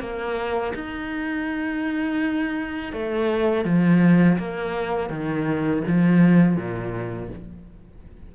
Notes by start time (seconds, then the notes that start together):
0.00 A#3
0.75 D#4
2.93 A3
3.65 F3
4.38 A#3
5.10 D#3
5.87 F3
6.57 A#2